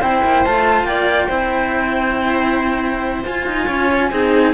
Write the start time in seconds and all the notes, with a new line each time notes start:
0.00 C4 E4 C5 G5
0.24 A#3
0.45 A3 F4 A5
0.84 A#3 D5 G5
1.27 C4 E4 C5
3.25 F4 G#5
3.47 D#4
3.66 C#4 C#5
4.11 C4 D#4 G#4